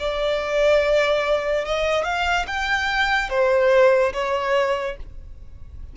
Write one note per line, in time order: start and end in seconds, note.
0.00 1.66 D5
1.66 2.05 D#5
2.05 2.47 F5
2.47 3.30 G5
3.30 4.13 C5
4.14 4.97 C#5